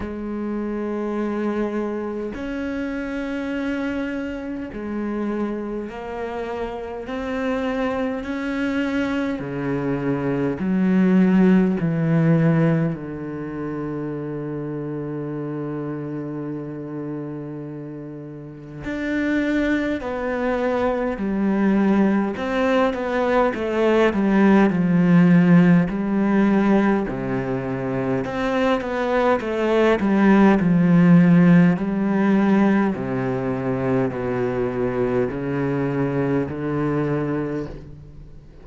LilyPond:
\new Staff \with { instrumentName = "cello" } { \time 4/4 \tempo 4 = 51 gis2 cis'2 | gis4 ais4 c'4 cis'4 | cis4 fis4 e4 d4~ | d1 |
d'4 b4 g4 c'8 b8 | a8 g8 f4 g4 c4 | c'8 b8 a8 g8 f4 g4 | c4 b,4 cis4 d4 | }